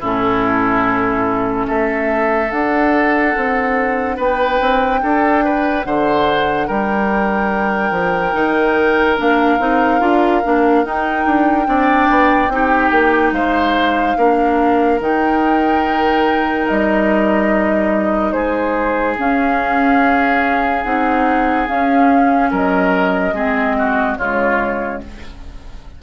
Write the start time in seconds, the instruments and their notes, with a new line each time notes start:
0.00 bassoon A2, clarinet C#4, oboe E4, flute A4
1.67 bassoon A3, oboe A4, flute E5
2.51 clarinet D4, bassoon D4, flute F#5
3.37 bassoon C4
4.17 bassoon B3, oboe B4, flute G5
4.61 bassoon C4
5.02 bassoon D4, oboe A4
5.44 oboe B4
5.84 bassoon D3, oboe C5, flute F#5
6.67 bassoon G3, oboe A#4, flute G5
7.91 bassoon F3
8.33 bassoon D#3, clarinet D#4
9.17 bassoon A#3, clarinet D4, flute F5
9.59 bassoon C4, clarinet D#4
10.00 bassoon D4, clarinet F4
10.44 bassoon A#3, clarinet D4
10.84 bassoon D#4, clarinet D#4, flute G5
11.26 bassoon D4
11.66 bassoon C4, clarinet D4, oboe D5
12.10 bassoon B3
12.49 bassoon C4, clarinet D#4, oboe G4
12.91 bassoon A#3
13.32 bassoon G#3, oboe C5, flute F5
14.17 bassoon A#3, clarinet D4, oboe A#4
15.00 bassoon D#3, clarinet D#4, flute G5
16.68 bassoon G3, flute D#5
18.32 bassoon G#3, oboe G#4, flute C5
19.18 clarinet C#4, bassoon C#4, flute F5
20.84 bassoon C4, clarinet D#4, flute F#5
21.68 clarinet C#4, bassoon C#4, flute F5
22.51 bassoon F#3, oboe A#4, flute D#5
23.33 bassoon G#3, clarinet C4, oboe G#4
23.78 oboe F#4
24.18 bassoon C#3, clarinet G#3, oboe F4, flute C#5